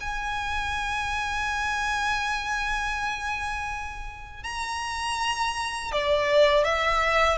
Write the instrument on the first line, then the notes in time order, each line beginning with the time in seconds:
violin
0.00 G#5
4.43 A#5
5.92 D5
6.64 E5